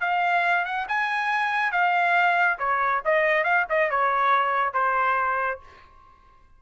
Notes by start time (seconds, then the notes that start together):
0.00 F5
0.65 F#5
0.88 G#5
1.72 F5
2.59 C#5
3.05 D#5
3.44 F5
3.69 D#5
3.90 C#5
4.73 C5